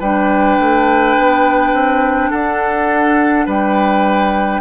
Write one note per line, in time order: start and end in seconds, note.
0.00 0.58 G3
0.00 4.61 D4
0.00 2.31 B4
0.00 2.31 G5
0.59 1.17 A3
1.18 1.73 B3
1.73 2.31 C4
2.31 3.47 D4
2.31 3.46 A4
2.31 3.46 F#5
3.46 4.61 G3
3.46 4.61 B4
3.46 4.61 G5